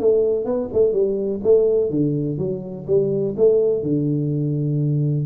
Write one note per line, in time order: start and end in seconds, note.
0.00 0.45 A3
0.45 0.69 B3
0.74 0.93 A3
0.93 1.41 G3
1.44 1.91 A3
1.91 2.38 D3
2.38 2.86 F#3
2.88 3.36 G3
3.37 3.83 A3
3.83 5.27 D3